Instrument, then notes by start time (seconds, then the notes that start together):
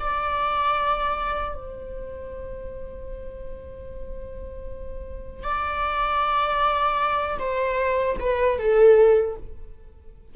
viola
0.00 D5
1.55 C5
5.44 D5
7.39 C5
8.20 B4
8.59 A4